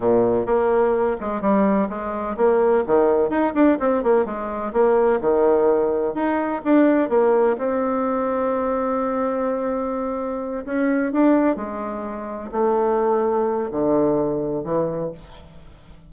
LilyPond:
\new Staff \with { instrumentName = "bassoon" } { \time 4/4 \tempo 4 = 127 ais,4 ais4. gis8 g4 | gis4 ais4 dis4 dis'8 d'8 | c'8 ais8 gis4 ais4 dis4~ | dis4 dis'4 d'4 ais4 |
c'1~ | c'2~ c'8 cis'4 d'8~ | d'8 gis2 a4.~ | a4 d2 e4 | }